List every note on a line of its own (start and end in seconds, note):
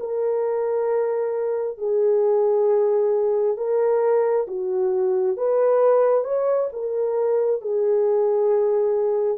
0.00 1.78 A#4
1.78 3.57 G#4
3.57 4.47 A#4
4.48 5.37 F#4
5.38 6.24 B4
6.24 6.69 C#5
6.73 7.62 A#4
7.62 9.39 G#4